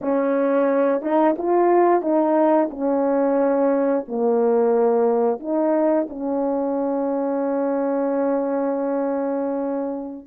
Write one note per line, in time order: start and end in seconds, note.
0.01 1.01 C#4
1.01 1.35 D#4
1.38 2.01 F4
2.01 2.69 D#4
2.70 4.04 C#4
4.08 5.39 A#3
5.39 6.07 D#4
6.09 10.27 C#4